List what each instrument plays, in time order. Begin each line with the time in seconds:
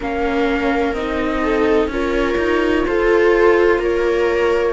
0.00 cello A#3, viola C#4 A#4, flute F5
0.93 cello C4, viola D#4, flute D#5
1.42 viola A4
1.87 cello C#4, viola F4 A#4, flute C#5
2.37 cello D#4
2.86 cello F4, viola A4, flute C5
3.78 cello A#3, viola A#4, flute C#5